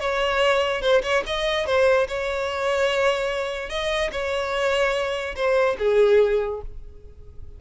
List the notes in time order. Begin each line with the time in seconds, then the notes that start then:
0.00 C#5
0.82 C5
1.03 C#5
1.26 D#5
1.66 C5
2.08 C#5
3.69 D#5
4.12 C#5
5.35 C5
5.79 G#4